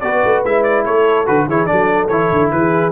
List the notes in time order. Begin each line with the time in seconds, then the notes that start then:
0.00 B3 F#4 B4 D5
0.24 A3
0.44 G#3 E4 E5
0.63 D5
0.85 A3 A4 C#5
1.25 D3 F#4 B4
1.47 E3 E4 G#4 C#5
1.66 F#3 D4 A4 D5
2.08 E3 E4 C#5
2.31 D3
2.51 E3 G#4 B4